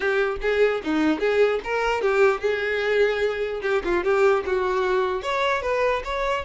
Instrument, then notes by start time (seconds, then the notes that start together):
violin
0.00 G4
0.41 G#4
0.83 D#4
1.19 G#4
1.64 A#4
2.01 G4
2.40 G#4
3.62 G4
3.84 F4
4.04 G4
4.46 F#4
5.22 C#5
5.62 B4
6.04 C#5